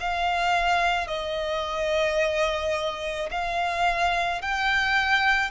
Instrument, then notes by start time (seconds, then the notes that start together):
violin
0.00 F5
1.08 D#5
3.31 F5
4.41 G5